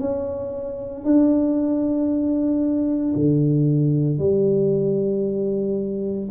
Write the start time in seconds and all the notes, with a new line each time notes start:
0.00 C#4
1.04 D4
3.15 D3
4.19 G3